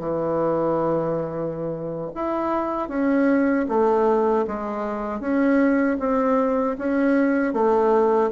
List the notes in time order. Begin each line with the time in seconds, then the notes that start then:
0.00 E3
2.15 E4
2.89 C#4
3.69 A3
4.48 G#3
5.21 C#4
6.00 C4
6.78 C#4
7.54 A3